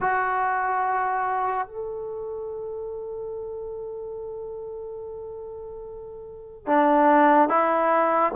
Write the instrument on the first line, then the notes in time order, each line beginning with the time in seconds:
trombone
0.00 F#4
1.67 A4
6.66 D4
7.48 E4